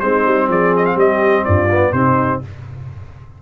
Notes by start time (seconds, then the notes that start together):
0.00 G#3 C4 D#4 C5
0.26 G3
0.49 F3 G#4 D5
0.77 D#5
0.86 F5
0.96 G3 G4 D#5
1.45 G2 F4 D5
1.72 B3
1.93 C3 C4 D#4 C5